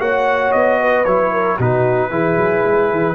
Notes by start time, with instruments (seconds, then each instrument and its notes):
0.00 tuba A#3, trombone F#4, horn C#5, trumpet F#5
0.52 tuba B3, trumpet D#5
0.81 horn B4
1.05 tuba F#3, trombone E4, trumpet C#5
1.32 horn A#4
1.56 tuba B2, trombone D#4, horn F#4, trumpet B4
2.11 tuba E3, trombone E4, horn G#4
2.37 tuba F#3
2.65 tuba G#3
2.91 tuba E3